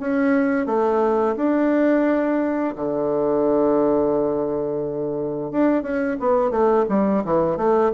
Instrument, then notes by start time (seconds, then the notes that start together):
bassoon
0.00 C#4
0.66 A3
1.36 D4
2.76 D3
5.52 D4
5.83 C#4
6.20 B3
6.51 A3
6.89 G3
7.25 E3
7.57 A3